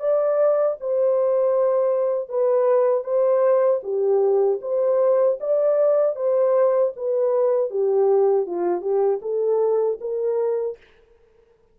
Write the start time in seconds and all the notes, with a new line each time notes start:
0.00 D5
0.80 C5
2.29 B4
3.04 C5
3.83 G4
4.62 C5
5.41 D5
6.16 C5
6.96 B4
7.70 G4
8.46 F4
8.81 G4
9.22 A4
10.00 A#4